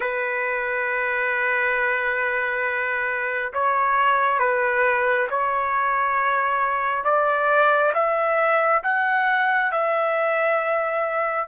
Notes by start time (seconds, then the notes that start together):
0.00 B4
3.53 C#5
4.39 B4
5.29 C#5
7.04 D5
7.94 E5
8.83 F#5
9.71 E5